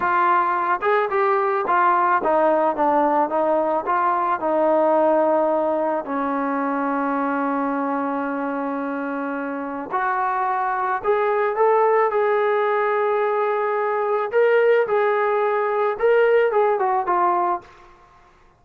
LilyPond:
\new Staff \with { instrumentName = "trombone" } { \time 4/4 \tempo 4 = 109 f'4. gis'8 g'4 f'4 | dis'4 d'4 dis'4 f'4 | dis'2. cis'4~ | cis'1~ |
cis'2 fis'2 | gis'4 a'4 gis'2~ | gis'2 ais'4 gis'4~ | gis'4 ais'4 gis'8 fis'8 f'4 | }